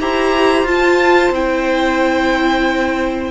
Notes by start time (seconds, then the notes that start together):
0.00 E4 G4 C5 A#5
0.63 F4 A5
1.30 C4 E4 G5